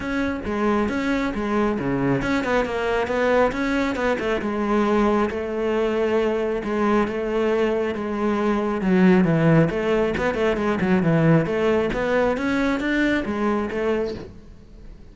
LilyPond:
\new Staff \with { instrumentName = "cello" } { \time 4/4 \tempo 4 = 136 cis'4 gis4 cis'4 gis4 | cis4 cis'8 b8 ais4 b4 | cis'4 b8 a8 gis2 | a2. gis4 |
a2 gis2 | fis4 e4 a4 b8 a8 | gis8 fis8 e4 a4 b4 | cis'4 d'4 gis4 a4 | }